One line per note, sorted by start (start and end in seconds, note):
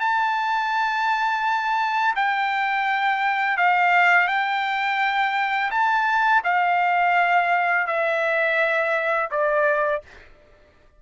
0.00 2.14 A5
2.16 3.57 G5
3.57 4.28 F5
4.28 5.70 G5
5.71 6.42 A5
6.44 7.87 F5
7.87 9.30 E5
9.31 10.02 D5